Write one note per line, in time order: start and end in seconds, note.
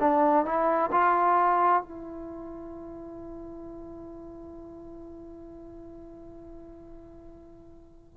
0.00 0.45 D4
0.45 0.91 E4
0.92 1.82 F4
1.82 8.17 E4